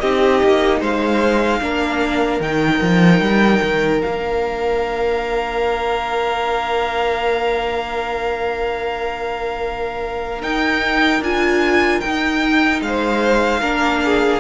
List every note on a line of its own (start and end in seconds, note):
0.00 0.43 C4
0.00 1.61 D#4
0.00 0.80 G4
0.00 0.80 D#5
0.43 0.81 A#3
0.80 1.61 G#3
0.80 1.60 C5
0.80 2.42 F5
1.61 2.40 A#3
1.61 2.41 D4
1.61 12.83 A#4
2.40 2.80 D#3
2.40 4.03 D#4
2.40 4.02 G5
2.81 3.21 F3
3.21 3.61 G3
3.63 4.03 D#3
4.02 10.43 A#3
4.02 10.42 D4
4.02 10.42 F5
10.42 11.22 D#4
10.42 11.21 D#4
10.42 11.23 G5
11.21 12.01 D4
11.21 12.04 F4
11.21 12.00 G#5
12.00 12.81 D#4
12.00 13.62 D#4
12.00 12.80 G5
12.81 13.61 G#3
12.81 13.61 C5
12.81 14.40 F5
13.61 14.40 A#3
13.61 14.40 D4
13.61 14.01 A#4
14.04 14.40 G#4